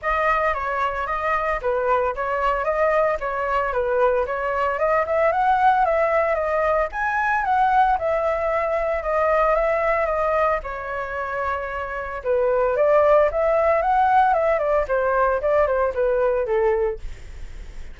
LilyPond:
\new Staff \with { instrumentName = "flute" } { \time 4/4 \tempo 4 = 113 dis''4 cis''4 dis''4 b'4 | cis''4 dis''4 cis''4 b'4 | cis''4 dis''8 e''8 fis''4 e''4 | dis''4 gis''4 fis''4 e''4~ |
e''4 dis''4 e''4 dis''4 | cis''2. b'4 | d''4 e''4 fis''4 e''8 d''8 | c''4 d''8 c''8 b'4 a'4 | }